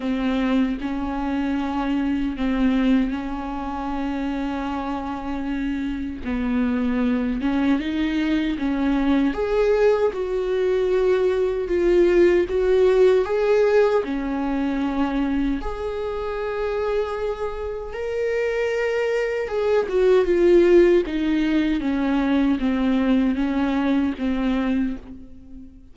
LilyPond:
\new Staff \with { instrumentName = "viola" } { \time 4/4 \tempo 4 = 77 c'4 cis'2 c'4 | cis'1 | b4. cis'8 dis'4 cis'4 | gis'4 fis'2 f'4 |
fis'4 gis'4 cis'2 | gis'2. ais'4~ | ais'4 gis'8 fis'8 f'4 dis'4 | cis'4 c'4 cis'4 c'4 | }